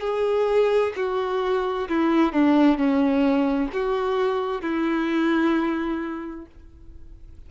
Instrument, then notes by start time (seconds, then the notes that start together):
violin
0.00 G#4
0.96 F#4
1.88 E4
2.32 D4
2.77 C#4
3.73 F#4
4.61 E4